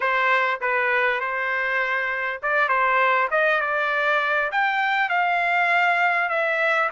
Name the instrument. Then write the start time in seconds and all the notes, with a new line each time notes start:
trumpet
0.00 C5
0.60 B4
1.20 C5
2.42 D5
2.68 C5
3.30 D#5
3.60 D5
4.51 G5
5.09 F5
6.29 E5